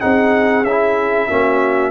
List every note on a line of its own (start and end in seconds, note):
0.00 0.63 C4
0.00 0.64 D#4
0.00 1.28 G#4
0.00 0.64 F#5
0.63 1.27 C#4
0.63 1.29 E4
0.63 1.90 E5
1.28 1.90 A#3
1.28 1.90 C#4
1.28 1.90 F#4